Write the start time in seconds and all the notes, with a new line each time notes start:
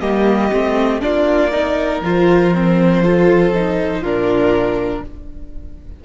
0.00 G3 A#3 G4 D#5
0.52 A3 C4
1.00 A#3 D4 F4 D5
1.51 D#4 A#4
2.00 F3 F4 C5
2.54 C4
3.03 F4 A4
3.53 D#4
4.00 A#2 D4 F4 A#4